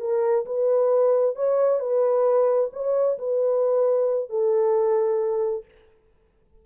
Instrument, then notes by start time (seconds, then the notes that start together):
horn
0.00 A#4
0.46 B4
1.36 C#5
1.80 B4
2.73 C#5
3.18 B4
4.30 A4